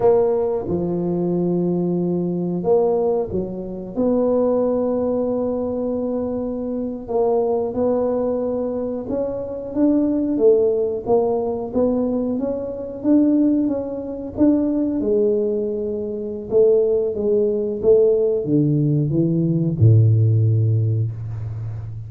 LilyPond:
\new Staff \with { instrumentName = "tuba" } { \time 4/4 \tempo 4 = 91 ais4 f2. | ais4 fis4 b2~ | b2~ b8. ais4 b16~ | b4.~ b16 cis'4 d'4 a16~ |
a8. ais4 b4 cis'4 d'16~ | d'8. cis'4 d'4 gis4~ gis16~ | gis4 a4 gis4 a4 | d4 e4 a,2 | }